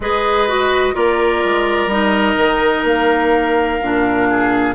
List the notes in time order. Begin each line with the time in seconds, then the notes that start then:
0.00 G#3 G#4 B4 D#5
0.48 F#4
0.94 A#3 F4 A#4 D5
1.44 G#3
1.86 G3 D#4 D#5
2.37 D#3
2.83 A#3 F5
3.82 A#2 D4
4.30 G#4